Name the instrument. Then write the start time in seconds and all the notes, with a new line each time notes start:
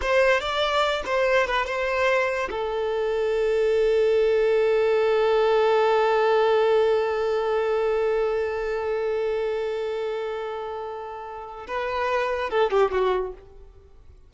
violin
0.01 C5
0.40 D5
1.05 C5
1.46 B4
1.66 C5
2.50 A4
11.67 B4
12.50 A4
12.70 G4
12.91 F#4